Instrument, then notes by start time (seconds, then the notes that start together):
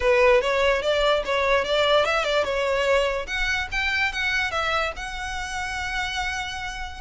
violin
0.00 B4
0.41 C#5
0.81 D5
1.25 C#5
1.64 D5
2.05 E5
2.23 D5
2.44 C#5
3.27 F#5
3.71 G5
4.12 F#5
4.51 E5
4.96 F#5